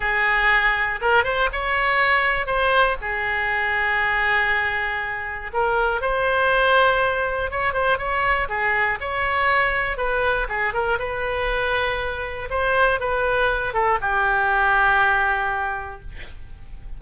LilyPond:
\new Staff \with { instrumentName = "oboe" } { \time 4/4 \tempo 4 = 120 gis'2 ais'8 c''8 cis''4~ | cis''4 c''4 gis'2~ | gis'2. ais'4 | c''2. cis''8 c''8 |
cis''4 gis'4 cis''2 | b'4 gis'8 ais'8 b'2~ | b'4 c''4 b'4. a'8 | g'1 | }